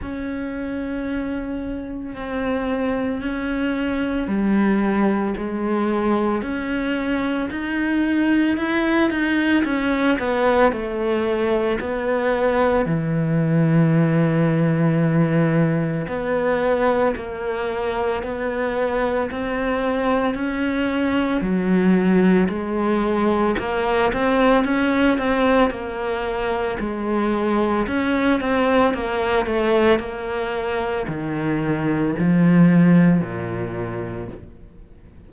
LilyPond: \new Staff \with { instrumentName = "cello" } { \time 4/4 \tempo 4 = 56 cis'2 c'4 cis'4 | g4 gis4 cis'4 dis'4 | e'8 dis'8 cis'8 b8 a4 b4 | e2. b4 |
ais4 b4 c'4 cis'4 | fis4 gis4 ais8 c'8 cis'8 c'8 | ais4 gis4 cis'8 c'8 ais8 a8 | ais4 dis4 f4 ais,4 | }